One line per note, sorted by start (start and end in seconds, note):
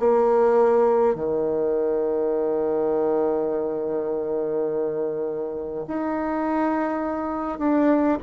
0.00 1.16 A#3
1.16 5.86 D#3
5.88 7.59 D#4
7.59 8.18 D4